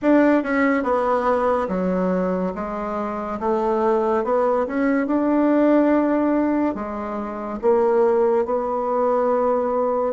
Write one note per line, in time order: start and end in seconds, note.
0.02 0.43 D4
0.43 0.83 C#4
0.83 1.67 B3
1.68 2.53 F#3
2.54 3.39 G#3
3.39 4.24 A3
4.24 4.66 B3
4.66 5.07 C#4
5.07 6.75 D4
6.75 7.59 G#3
7.61 8.45 A#3
8.45 10.13 B3